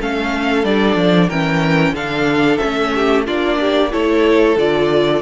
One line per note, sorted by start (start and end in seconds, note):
0.00 0.64 A3
0.00 0.65 C#4
0.00 1.29 A4
0.00 0.65 F5
0.64 0.96 G3
0.64 1.31 D4
0.64 1.30 D5
0.96 1.29 F3
1.29 1.93 E3
1.29 1.95 C#4
1.29 1.94 A#4
1.29 1.95 G5
1.93 2.58 D3
1.93 2.60 D4
1.93 2.93 A4
1.93 2.57 F5
2.57 3.26 C#4
2.57 3.23 E5
2.64 3.28 A3
2.95 3.26 G4
3.26 3.93 A#3
3.26 3.91 D4
3.26 3.59 F4
3.26 3.92 D5
3.60 3.92 G4
3.91 4.57 A3
3.91 4.57 E4
3.91 5.22 A4
3.91 4.58 C#5
4.57 5.22 D3
4.57 5.22 F4
4.57 5.22 D5